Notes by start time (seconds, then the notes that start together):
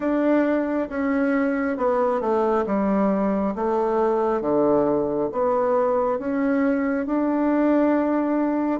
0.00 D4
0.89 C#4
1.77 B3
2.20 A3
2.66 G3
3.55 A3
4.41 D3
5.32 B3
6.18 C#4
7.06 D4